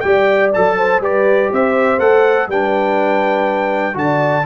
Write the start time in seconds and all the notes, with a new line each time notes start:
0.00 G3 G4 D5 G5
0.53 F#3 A4 A5
0.77 C5
0.99 G3 G4 B4 D5
1.50 C4 C5 E5
1.98 A3 A4 F#5
2.47 G3 D4 B4 G5
3.93 D3 F#4 D5 A5